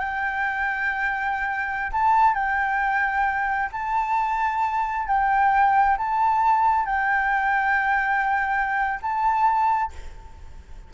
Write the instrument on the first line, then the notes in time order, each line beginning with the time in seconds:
flute
0.00 G5
1.93 A5
2.35 G5
3.73 A5
5.08 G5
5.98 A5
6.86 G5
9.03 A5